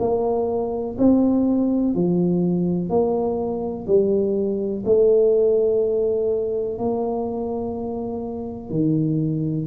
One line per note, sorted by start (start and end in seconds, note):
0.00 0.97 A#3
0.98 1.94 C4
1.94 2.89 F3
2.89 3.86 A#3
3.87 4.84 G3
4.86 6.78 A3
6.78 8.70 A#3
8.70 9.66 D#3